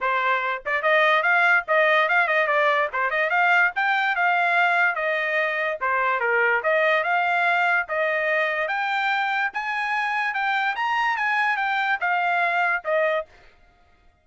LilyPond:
\new Staff \with { instrumentName = "trumpet" } { \time 4/4 \tempo 4 = 145 c''4. d''8 dis''4 f''4 | dis''4 f''8 dis''8 d''4 c''8 dis''8 | f''4 g''4 f''2 | dis''2 c''4 ais'4 |
dis''4 f''2 dis''4~ | dis''4 g''2 gis''4~ | gis''4 g''4 ais''4 gis''4 | g''4 f''2 dis''4 | }